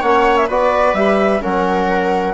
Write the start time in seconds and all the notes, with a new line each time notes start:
0.00 A#3 C#4 C#5 F#5
0.37 E5
0.47 B3 F#4 B4 D5
0.94 G3 G4 E5
1.41 F#3 C#4 A#4 F#5